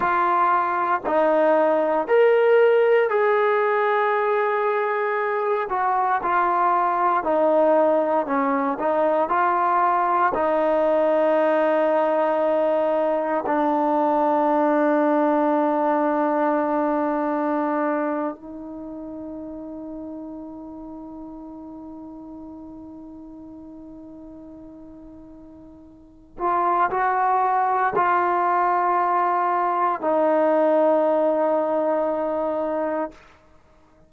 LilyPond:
\new Staff \with { instrumentName = "trombone" } { \time 4/4 \tempo 4 = 58 f'4 dis'4 ais'4 gis'4~ | gis'4. fis'8 f'4 dis'4 | cis'8 dis'8 f'4 dis'2~ | dis'4 d'2.~ |
d'4.~ d'16 dis'2~ dis'16~ | dis'1~ | dis'4. f'8 fis'4 f'4~ | f'4 dis'2. | }